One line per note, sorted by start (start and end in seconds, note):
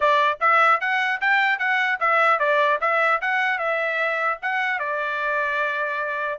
0.00 0.38 D5
0.40 0.80 E5
0.80 1.20 F#5
1.21 1.59 G5
1.59 1.99 F#5
2.00 2.39 E5
2.39 2.79 D5
2.80 3.20 E5
3.21 3.58 F#5
3.58 4.38 E5
4.41 4.79 F#5
4.79 6.39 D5